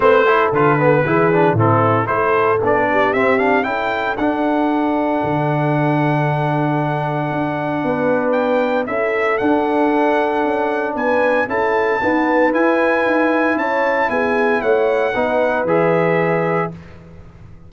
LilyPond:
<<
  \new Staff \with { instrumentName = "trumpet" } { \time 4/4 \tempo 4 = 115 c''4 b'2 a'4 | c''4 d''4 e''8 f''8 g''4 | fis''1~ | fis''1 |
g''4 e''4 fis''2~ | fis''4 gis''4 a''2 | gis''2 a''4 gis''4 | fis''2 e''2 | }
  \new Staff \with { instrumentName = "horn" } { \time 4/4 b'8 a'4. gis'4 e'4 | a'4. g'4. a'4~ | a'1~ | a'2. b'4~ |
b'4 a'2.~ | a'4 b'4 a'4 b'4~ | b'2 cis''4 gis'4 | cis''4 b'2. | }
  \new Staff \with { instrumentName = "trombone" } { \time 4/4 c'8 e'8 f'8 b8 e'8 d'8 c'4 | e'4 d'4 c'8 d'8 e'4 | d'1~ | d'1~ |
d'4 e'4 d'2~ | d'2 e'4 b4 | e'1~ | e'4 dis'4 gis'2 | }
  \new Staff \with { instrumentName = "tuba" } { \time 4/4 a4 d4 e4 a,4 | a4 b4 c'4 cis'4 | d'2 d2~ | d2 d'4 b4~ |
b4 cis'4 d'2 | cis'4 b4 cis'4 dis'4 | e'4 dis'4 cis'4 b4 | a4 b4 e2 | }
>>